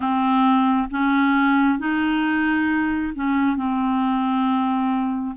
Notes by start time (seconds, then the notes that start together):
0.00 C4
0.90 C#4
1.78 D#4
3.15 C#4
3.56 C4